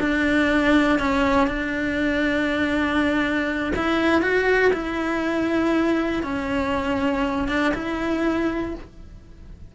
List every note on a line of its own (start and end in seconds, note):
0.00 0.99 D4
0.99 1.47 C#4
1.47 3.72 D4
3.76 4.22 E4
4.22 4.72 F#4
4.73 6.23 E4
6.23 7.48 C#4
7.48 7.73 D4
7.74 8.74 E4